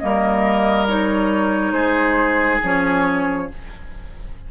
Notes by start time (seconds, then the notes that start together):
0.00 G3 A#3 A#4 D#5
0.88 D#4 C#5
1.73 G#3 G#4 C5
2.63 F3 C#4 C#5